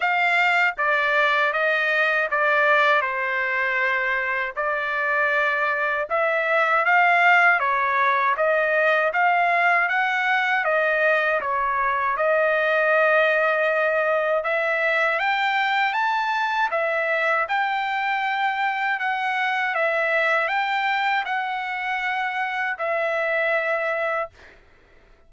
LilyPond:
\new Staff \with { instrumentName = "trumpet" } { \time 4/4 \tempo 4 = 79 f''4 d''4 dis''4 d''4 | c''2 d''2 | e''4 f''4 cis''4 dis''4 | f''4 fis''4 dis''4 cis''4 |
dis''2. e''4 | g''4 a''4 e''4 g''4~ | g''4 fis''4 e''4 g''4 | fis''2 e''2 | }